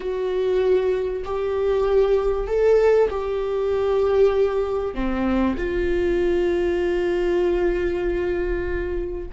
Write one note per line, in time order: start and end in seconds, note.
0.00 1.23 F#4
1.24 2.47 G4
2.47 3.09 A4
3.10 4.94 G4
4.94 5.56 C4
5.57 9.28 F4